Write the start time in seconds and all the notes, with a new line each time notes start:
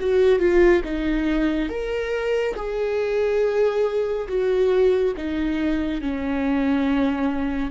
0.00 F#4
0.39 F4
0.85 D#4
1.69 A#4
2.56 G#4
4.28 F#4
5.17 D#4
6.01 C#4